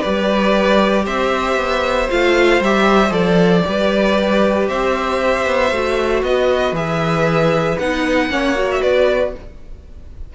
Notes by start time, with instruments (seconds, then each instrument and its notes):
0.00 cello G3, viola G4, violin B4 D5
1.04 cello C4, violin C5 E5
1.56 cello B3
2.09 cello A3, viola F4, violin F5
2.60 cello G3, viola G4, violin E5
3.10 cello F3, viola A4, violin D5
3.64 cello G3, viola G4, violin B4
4.68 cello C4, violin C5 E5
5.46 cello B3
5.71 cello A3, viola F#4
6.22 cello B3, violin B4 D#5
6.72 cello E3, viola G#4, violin E5
7.78 cello B3, viola D#4, violin F#5
8.29 cello A#3, viola C#4, violin C#5
8.56 viola F#4
8.71 violin E5
8.81 cello B3, violin B4 D5